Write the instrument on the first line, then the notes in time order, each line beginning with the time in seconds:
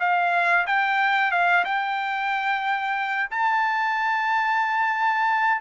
trumpet
0.00 F5
0.67 G5
1.32 F5
1.65 G5
3.31 A5